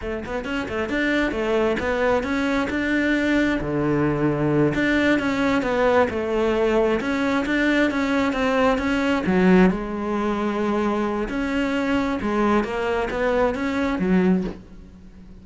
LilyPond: \new Staff \with { instrumentName = "cello" } { \time 4/4 \tempo 4 = 133 a8 b8 cis'8 a8 d'4 a4 | b4 cis'4 d'2 | d2~ d8 d'4 cis'8~ | cis'8 b4 a2 cis'8~ |
cis'8 d'4 cis'4 c'4 cis'8~ | cis'8 fis4 gis2~ gis8~ | gis4 cis'2 gis4 | ais4 b4 cis'4 fis4 | }